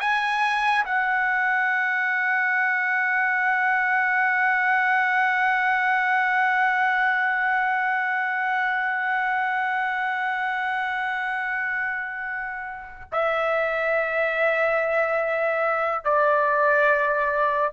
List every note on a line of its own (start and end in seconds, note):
0.00 0.85 G#5
0.85 13.10 F#5
13.12 16.04 E5
16.04 17.73 D5